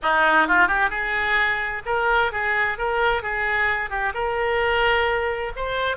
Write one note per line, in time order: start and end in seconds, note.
0.02 0.47 D#4
0.47 0.67 F4
0.67 0.90 G4
0.90 1.82 G#4
1.85 2.32 A#4
2.32 2.78 G#4
2.78 3.22 A#4
3.22 3.89 G#4
3.89 4.12 G4
4.13 5.52 A#4
5.56 5.96 C5